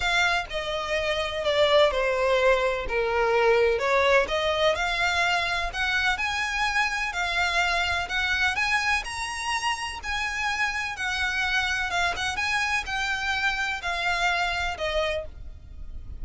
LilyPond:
\new Staff \with { instrumentName = "violin" } { \time 4/4 \tempo 4 = 126 f''4 dis''2 d''4 | c''2 ais'2 | cis''4 dis''4 f''2 | fis''4 gis''2 f''4~ |
f''4 fis''4 gis''4 ais''4~ | ais''4 gis''2 fis''4~ | fis''4 f''8 fis''8 gis''4 g''4~ | g''4 f''2 dis''4 | }